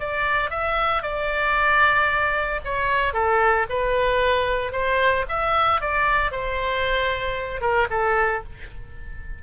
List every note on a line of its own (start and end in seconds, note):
0.00 0.50 D5
0.50 1.03 E5
1.03 2.61 D5
2.65 3.14 C#5
3.14 3.67 A4
3.70 4.72 B4
4.72 5.25 C5
5.29 5.81 E5
5.81 6.32 D5
6.32 7.61 C5
7.61 7.88 A#4
7.90 8.43 A4